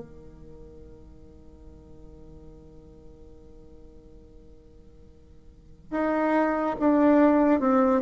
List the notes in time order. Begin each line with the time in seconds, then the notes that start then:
0.00 D#3
5.91 D#4
6.80 D4
7.61 C4